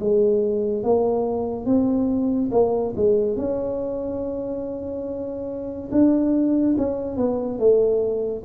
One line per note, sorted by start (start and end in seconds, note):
0.00 0.83 G#3
0.83 1.66 A#3
1.66 2.50 C4
2.52 2.94 A#3
2.96 3.36 G#3
3.36 5.90 C#4
5.92 6.76 D4
6.78 7.17 C#4
7.17 7.59 B3
7.59 8.44 A3